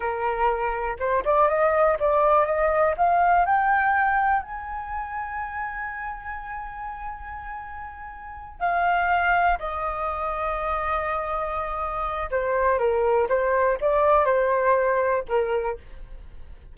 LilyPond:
\new Staff \with { instrumentName = "flute" } { \time 4/4 \tempo 4 = 122 ais'2 c''8 d''8 dis''4 | d''4 dis''4 f''4 g''4~ | g''4 gis''2.~ | gis''1~ |
gis''4. f''2 dis''8~ | dis''1~ | dis''4 c''4 ais'4 c''4 | d''4 c''2 ais'4 | }